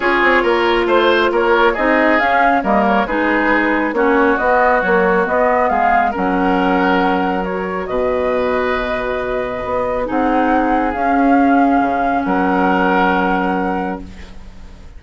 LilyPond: <<
  \new Staff \with { instrumentName = "flute" } { \time 4/4 \tempo 4 = 137 cis''2 c''4 cis''4 | dis''4 f''4 dis''8 cis''8 b'4~ | b'4 cis''4 dis''4 cis''4 | dis''4 f''4 fis''2~ |
fis''4 cis''4 dis''2~ | dis''2. fis''4~ | fis''4 f''2. | fis''1 | }
  \new Staff \with { instrumentName = "oboe" } { \time 4/4 gis'4 ais'4 c''4 ais'4 | gis'2 ais'4 gis'4~ | gis'4 fis'2.~ | fis'4 gis'4 ais'2~ |
ais'2 b'2~ | b'2. gis'4~ | gis'1 | ais'1 | }
  \new Staff \with { instrumentName = "clarinet" } { \time 4/4 f'1 | dis'4 cis'4 ais4 dis'4~ | dis'4 cis'4 b4 fis4 | b2 cis'2~ |
cis'4 fis'2.~ | fis'2. dis'4~ | dis'4 cis'2.~ | cis'1 | }
  \new Staff \with { instrumentName = "bassoon" } { \time 4/4 cis'8 c'8 ais4 a4 ais4 | c'4 cis'4 g4 gis4~ | gis4 ais4 b4 ais4 | b4 gis4 fis2~ |
fis2 b,2~ | b,2 b4 c'4~ | c'4 cis'2 cis4 | fis1 | }
>>